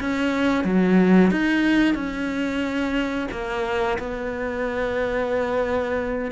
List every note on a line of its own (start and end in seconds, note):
0.00 0.65 C#4
0.65 1.31 F#3
1.31 1.95 D#4
1.95 3.28 C#4
3.32 3.98 A#3
3.99 6.32 B3